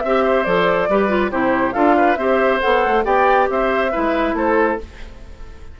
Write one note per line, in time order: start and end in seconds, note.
0.00 0.46 C4
0.00 0.45 G4
0.00 0.43 E5
0.00 0.23 E5
0.23 0.88 C5
0.43 0.88 F3
0.43 0.88 A4
0.43 1.30 D5
0.88 1.31 G3
0.88 1.08 G4
0.88 1.31 B4
1.08 1.30 F4
1.31 1.74 C3
1.31 1.73 E4
1.31 1.74 G4
1.31 1.73 C5
1.73 2.16 D4
1.73 2.16 F4
1.73 1.95 A4
1.73 2.16 F5
1.97 2.18 B4
2.16 2.60 C4
2.16 2.60 G4
2.16 3.05 C5
2.16 2.59 E5
2.60 2.86 B3
2.60 3.04 A4
2.60 3.03 F#5
2.86 3.04 A3
3.04 3.48 B3
3.04 3.91 G4
3.04 3.48 D5
3.04 3.48 G5
3.49 3.93 C4
3.49 3.91 C5
3.49 4.36 E5
3.91 4.33 G#3
3.91 4.78 E4
3.91 4.35 B4
4.33 4.76 A3
4.33 4.80 A4
4.33 4.80 C5